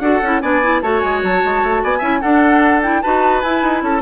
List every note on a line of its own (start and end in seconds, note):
0.00 0.20 D4
0.00 0.21 F#4
0.00 0.42 A4
0.00 0.40 F#5
0.22 0.42 C#4
0.22 0.42 E4
0.41 0.82 B3
0.41 0.62 D4
0.41 0.82 D5
0.41 0.81 G#5
0.62 0.83 E4
0.82 1.02 A3
0.82 2.00 F#4
0.82 1.82 C#5
0.82 1.00 A5
1.00 1.23 G#3
1.00 1.20 G#5
1.23 1.43 F#3
1.23 1.83 A5
1.44 1.63 G#3
1.63 1.83 A3
1.83 2.01 B3
1.83 1.98 D5
1.83 2.21 G#5
1.98 2.21 C#4
1.98 2.20 E4
1.98 2.18 E5
2.21 3.04 D4
2.21 2.82 D4
2.21 3.02 A4
2.21 2.81 F#5
2.82 3.02 E4
2.82 3.02 G5
3.02 3.43 D#4
3.02 3.44 F#4
3.02 3.83 B4
3.02 3.41 A5
3.41 3.62 E4
3.41 4.02 E4
3.41 3.81 G#5
3.62 3.82 D#4
3.82 4.02 C#4
3.82 4.02 A4
3.82 4.02 A5